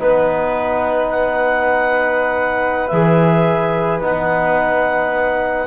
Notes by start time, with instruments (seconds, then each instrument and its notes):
0.00 double bass B3, trombone D#4, flute B4, clarinet B4
1.11 clarinet F#5
2.88 double bass E3, trombone G#4, clarinet E5
4.01 double bass B3, trombone D#4, clarinet F#5